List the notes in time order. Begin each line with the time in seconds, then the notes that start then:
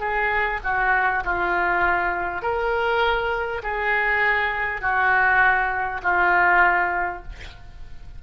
0.00 G#4
0.64 F#4
1.25 F4
2.43 A#4
3.63 G#4
4.82 F#4
6.03 F4